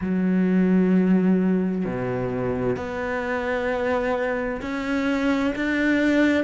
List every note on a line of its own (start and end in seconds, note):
0.01 1.85 F#3
1.85 2.76 B2
2.76 4.61 B3
4.62 5.54 C#4
5.55 6.44 D4